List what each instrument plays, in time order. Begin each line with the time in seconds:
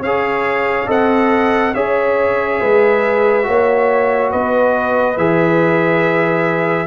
0.00 tuba C#4, horn C#5, trumpet F5
0.06 trombone G#4
0.87 tuba C4, trombone A4, horn D#5, trumpet F#5
1.74 tuba C#4, trombone G#4, horn C#5, trumpet E5
2.61 tuba G#3, horn B4
3.43 tuba A#3, trombone F#4, horn C#5
4.31 tuba B3, horn B4, trumpet D#5
5.17 tuba E3, trombone G#4, trumpet E5